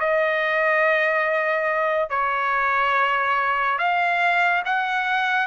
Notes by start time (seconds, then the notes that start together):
0.00 D#5
2.10 C#5
3.79 F5
4.66 F#5